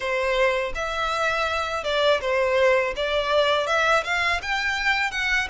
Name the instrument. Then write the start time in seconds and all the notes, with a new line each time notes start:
violin
0.00 C5
0.74 E5
1.84 D5
2.21 C5
2.95 D5
3.67 E5
4.04 F5
4.42 G5
5.11 F#5